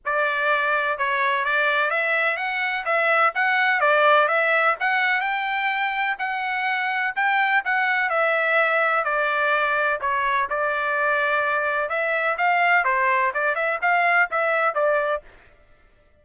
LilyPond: \new Staff \with { instrumentName = "trumpet" } { \time 4/4 \tempo 4 = 126 d''2 cis''4 d''4 | e''4 fis''4 e''4 fis''4 | d''4 e''4 fis''4 g''4~ | g''4 fis''2 g''4 |
fis''4 e''2 d''4~ | d''4 cis''4 d''2~ | d''4 e''4 f''4 c''4 | d''8 e''8 f''4 e''4 d''4 | }